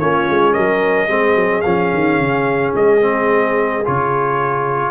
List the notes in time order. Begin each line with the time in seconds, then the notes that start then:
0.00 A#3 C#4 F4 C#5
0.30 G#3
0.54 F#3 A#4 D#5
1.08 G#3 C4 G#4
1.36 F#3
1.62 F3 C#4 F5
1.94 D#3
2.19 C#3
2.76 G#3 D#5
3.01 C4
3.85 C#3 F4 C#5